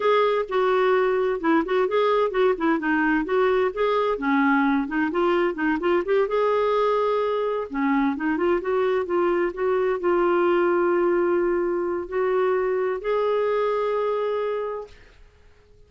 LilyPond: \new Staff \with { instrumentName = "clarinet" } { \time 4/4 \tempo 4 = 129 gis'4 fis'2 e'8 fis'8 | gis'4 fis'8 e'8 dis'4 fis'4 | gis'4 cis'4. dis'8 f'4 | dis'8 f'8 g'8 gis'2~ gis'8~ |
gis'8 cis'4 dis'8 f'8 fis'4 f'8~ | f'8 fis'4 f'2~ f'8~ | f'2 fis'2 | gis'1 | }